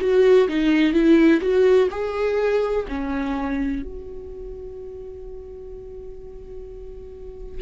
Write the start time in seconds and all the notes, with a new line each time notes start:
0.00 F#4
0.48 D#4
0.93 E4
1.41 F#4
1.90 G#4
2.88 C#4
3.83 F#4